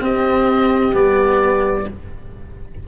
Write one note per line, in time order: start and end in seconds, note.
0.00 0.92 C4
0.00 0.93 C4
0.00 1.87 G4
0.00 0.95 D#5
0.93 1.86 G3
0.93 1.85 B3
0.93 1.87 D5